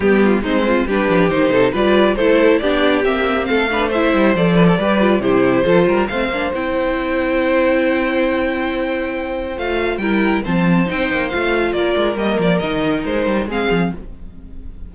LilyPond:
<<
  \new Staff \with { instrumentName = "violin" } { \time 4/4 \tempo 4 = 138 g'4 c''4 b'4 c''4 | d''4 c''4 d''4 e''4 | f''4 e''4 d''2 | c''2 f''4 g''4~ |
g''1~ | g''2 f''4 g''4 | a''4 g''4 f''4 d''4 | dis''8 d''8 dis''4 c''4 f''4 | }
  \new Staff \with { instrumentName = "violin" } { \time 4/4 g'8 f'8 dis'8 f'8 g'4. a'8 | b'4 a'4 g'2 | a'8 b'8 c''4. b'16 a'16 b'4 | g'4 a'8 ais'8 c''2~ |
c''1~ | c''2. ais'4 | c''2. ais'4~ | ais'2. gis'4 | }
  \new Staff \with { instrumentName = "viola" } { \time 4/4 b4 c'4 d'4 dis'4 | f'4 e'4 d'4 c'4~ | c'8 d'8 e'4 a'4 g'8 f'8 | e'4 f'4 c'8 d'8 e'4~ |
e'1~ | e'2 f'4 e'4 | c'4 dis'4 f'2 | ais4 dis'2 c'4 | }
  \new Staff \with { instrumentName = "cello" } { \time 4/4 g4 gis4 g8 f8 dis8 c8 | g4 a4 b4 ais4 | a4. g8 f4 g4 | c4 f8 g8 a8 ais8 c'4~ |
c'1~ | c'2 a4 g4 | f4 c'8 ais8 a4 ais8 gis8 | g8 f8 dis4 gis8 g8 gis8 f8 | }
>>